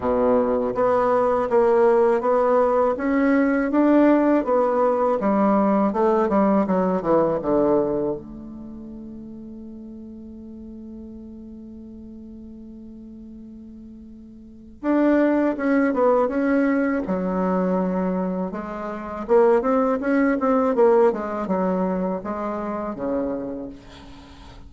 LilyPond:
\new Staff \with { instrumentName = "bassoon" } { \time 4/4 \tempo 4 = 81 b,4 b4 ais4 b4 | cis'4 d'4 b4 g4 | a8 g8 fis8 e8 d4 a4~ | a1~ |
a1 | d'4 cis'8 b8 cis'4 fis4~ | fis4 gis4 ais8 c'8 cis'8 c'8 | ais8 gis8 fis4 gis4 cis4 | }